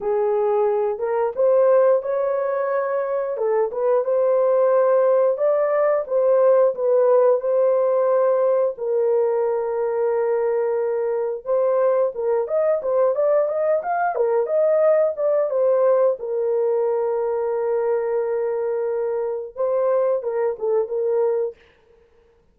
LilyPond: \new Staff \with { instrumentName = "horn" } { \time 4/4 \tempo 4 = 89 gis'4. ais'8 c''4 cis''4~ | cis''4 a'8 b'8 c''2 | d''4 c''4 b'4 c''4~ | c''4 ais'2.~ |
ais'4 c''4 ais'8 dis''8 c''8 d''8 | dis''8 f''8 ais'8 dis''4 d''8 c''4 | ais'1~ | ais'4 c''4 ais'8 a'8 ais'4 | }